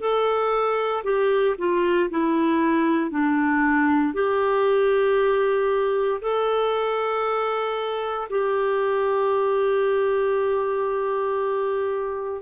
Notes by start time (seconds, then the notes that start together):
0.00 A4
1.04 G4
1.58 F4
2.10 E4
3.10 D4
4.14 G4
6.21 A4
8.29 G4